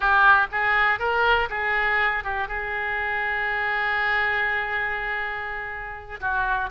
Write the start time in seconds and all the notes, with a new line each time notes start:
0.00 G4
0.51 G#4
0.99 A#4
1.49 G#4
2.24 G4
2.47 G#4
6.20 F#4